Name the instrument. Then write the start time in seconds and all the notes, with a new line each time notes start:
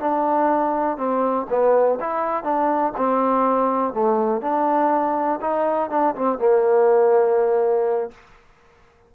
trombone
0.00 D4
0.97 C4
1.50 B3
2.00 E4
2.43 D4
2.97 C4
3.94 A3
4.41 D4
5.41 D#4
5.90 D4
6.15 C4
6.38 A#3